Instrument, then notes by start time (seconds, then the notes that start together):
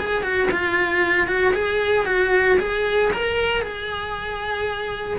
cello
0.00 G#4
0.23 F#4
0.52 F4
1.28 F#4
1.54 G#4
2.07 F#4
2.60 G#4
3.14 A#4
3.62 G#4